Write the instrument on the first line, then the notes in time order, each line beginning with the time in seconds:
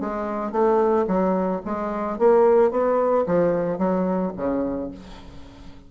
bassoon
0.00 G#3
0.52 A3
1.07 F#3
1.65 G#3
2.18 A#3
2.71 B3
3.26 F3
3.78 F#3
4.37 C#3